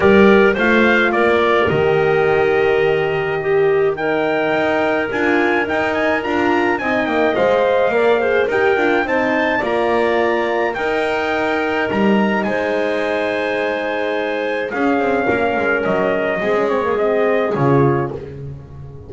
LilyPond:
<<
  \new Staff \with { instrumentName = "trumpet" } { \time 4/4 \tempo 4 = 106 d''4 f''4 d''4 dis''4~ | dis''2. g''4~ | g''4 gis''4 g''8 gis''8 ais''4 | gis''8 g''8 f''2 g''4 |
a''4 ais''2 g''4~ | g''4 ais''4 gis''2~ | gis''2 f''2 | dis''4. cis''8 dis''4 cis''4 | }
  \new Staff \with { instrumentName = "clarinet" } { \time 4/4 ais'4 c''4 ais'2~ | ais'2 g'4 ais'4~ | ais'1 | dis''2 d''8 c''8 ais'4 |
c''4 d''2 ais'4~ | ais'2 c''2~ | c''2 gis'4 ais'4~ | ais'4 gis'2. | }
  \new Staff \with { instrumentName = "horn" } { \time 4/4 g'4 f'2 g'4~ | g'2. dis'4~ | dis'4 f'4 dis'4 f'4 | dis'4 c''4 ais'8 gis'8 g'8 f'8 |
dis'4 f'2 dis'4~ | dis'1~ | dis'2 cis'2~ | cis'4 c'16 cis'16 c'16 ais16 c'4 f'4 | }
  \new Staff \with { instrumentName = "double bass" } { \time 4/4 g4 a4 ais4 dis4~ | dis1 | dis'4 d'4 dis'4 d'4 | c'8 ais8 gis4 ais4 dis'8 d'8 |
c'4 ais2 dis'4~ | dis'4 g4 gis2~ | gis2 cis'8 c'8 ais8 gis8 | fis4 gis2 cis4 | }
>>